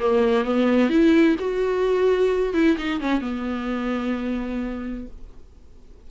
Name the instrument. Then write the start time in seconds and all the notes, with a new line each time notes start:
viola
0.00 A#3
0.45 B3
0.90 E4
1.40 F#4
2.54 E4
2.78 D#4
3.01 C#4
3.22 B3